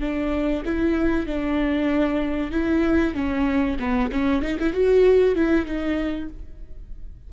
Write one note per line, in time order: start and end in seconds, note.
0.00 0.63 D4
0.65 1.26 E4
1.26 2.51 D4
2.51 3.14 E4
3.14 3.78 C#4
3.79 4.11 B3
4.12 4.42 C#4
4.42 4.58 D#4
4.59 4.73 E4
4.73 5.35 F#4
5.35 5.66 E4
5.66 6.29 D#4